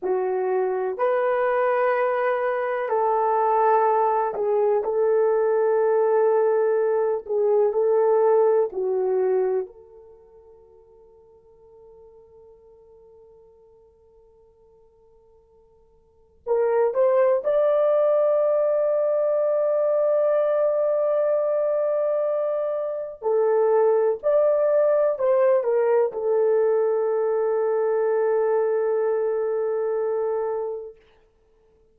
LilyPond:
\new Staff \with { instrumentName = "horn" } { \time 4/4 \tempo 4 = 62 fis'4 b'2 a'4~ | a'8 gis'8 a'2~ a'8 gis'8 | a'4 fis'4 a'2~ | a'1~ |
a'4 ais'8 c''8 d''2~ | d''1 | a'4 d''4 c''8 ais'8 a'4~ | a'1 | }